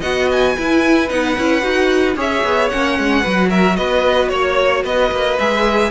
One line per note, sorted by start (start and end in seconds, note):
0.00 0.57 B3
0.00 0.56 F#4
0.00 0.54 D#5
0.00 0.28 F#5
0.31 1.09 G#5
0.57 1.09 E4
0.57 1.10 E4
0.57 2.16 B4
1.09 1.37 B3
1.09 1.36 D#4
1.09 2.16 F#5
1.37 1.63 C#4
1.37 1.62 E4
1.62 2.16 D#4
1.62 2.15 F#4
2.16 2.43 C#4
2.16 2.70 G#4
2.16 3.21 C#5
2.16 2.69 E5
2.44 2.71 B3
2.69 2.99 A#3
2.69 3.24 C#4
2.69 3.49 F#5
2.99 3.25 G#3
3.21 3.78 F#3
3.21 5.38 F#4
3.21 3.48 B4
3.50 3.77 A#4
3.50 3.76 E5
3.76 4.31 B3
3.76 4.32 B4
3.76 4.29 D#5
4.29 4.84 A#3
4.29 4.82 C#5
4.29 4.83 C#5
4.83 5.11 B3
4.83 5.91 B4
4.83 5.39 D#5
5.11 5.38 A#3
5.39 5.91 G#3
5.39 5.91 G#4
5.39 5.91 E5